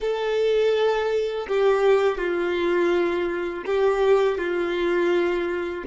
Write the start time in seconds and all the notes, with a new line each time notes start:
0.00 A4
1.47 G4
2.18 F4
3.65 G4
4.38 F4